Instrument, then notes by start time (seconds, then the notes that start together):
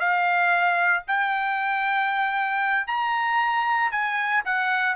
trumpet
0.00 F5
1.08 G5
2.87 A#5
3.92 G#5
4.45 F#5